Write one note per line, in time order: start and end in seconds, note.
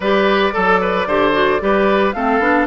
0.00 0.53 G3
0.00 0.52 G4
0.00 0.53 B4
0.00 2.12 D5
0.52 1.06 F#3
0.52 1.06 A4
0.52 0.80 A4
0.80 1.07 B4
1.06 1.60 D3
1.06 1.32 G4
1.06 1.61 C5
1.32 1.59 F#4
1.60 2.14 G3
1.60 2.13 G4
1.60 2.15 B4
2.12 2.39 A3
2.12 2.40 C4
2.12 2.67 A4
2.12 2.66 F5
2.39 2.66 B3
2.39 2.67 D4